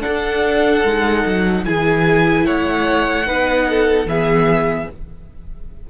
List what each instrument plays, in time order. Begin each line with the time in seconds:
0.00 viola D4, cello D4, violin A4 F#5
0.84 cello G#3, viola D#4
1.25 cello F#3
1.65 cello E3, viola E4, violin G#4 G#5
2.45 cello A3, violin C#5 F#5
3.25 cello B3, viola D#4, violin B4
3.70 violin A4
4.05 cello E3, viola B3, violin G#4 E5